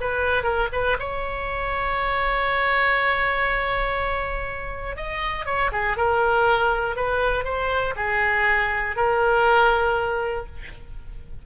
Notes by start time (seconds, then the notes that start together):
0.00 B4
0.43 A#4
0.72 B4
0.99 C#5
4.96 D#5
5.45 C#5
5.72 G#4
5.97 A#4
6.96 B4
7.44 C5
7.96 G#4
8.96 A#4